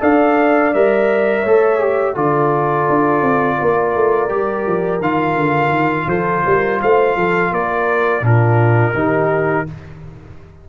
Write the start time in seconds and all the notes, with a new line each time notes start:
0.00 D4 A4 D5 F5
0.73 G3 A#4 E5
1.41 A3 A4 C#5
1.79 G4
2.14 D3 F4 A4 D5
2.89 D4
3.21 C4
3.58 A#3 A#4
3.95 A3
4.28 G3 G4
4.67 F3
5.00 D#3 F4 F5
5.35 D3
5.68 D#3
6.07 F3 A4 C5
6.45 G3 A#4
6.81 A3 C5 F5
7.16 F3 A4
7.51 A#3 A#4 D5
8.21 A#2 D4 F4 A#4
8.94 D#3 D#4 G4